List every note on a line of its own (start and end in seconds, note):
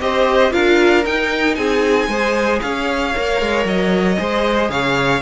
0.00 0.52 C4
0.00 0.51 G4
0.00 0.52 C5
0.00 0.52 D#5
0.51 1.05 D4
0.51 1.03 F4
0.51 1.57 A#4
0.51 1.04 F5
1.05 1.57 D#4
1.05 2.10 D#4
1.05 1.54 G5
1.54 2.07 C4
1.54 2.09 G#4
1.54 2.59 G#5
2.07 2.59 G#3
2.07 3.14 G#4
2.07 2.61 C5
2.61 3.15 C#4
2.61 4.19 C#5
2.61 3.65 F5
3.14 3.41 A#3
3.14 4.17 A#4
3.41 3.65 G#3
3.65 4.17 F#3
3.65 4.70 D#5
4.17 4.69 G#3
4.17 5.22 G#4
4.17 4.70 C5
4.69 5.21 C#3
4.69 5.22 C#5
4.69 5.22 F5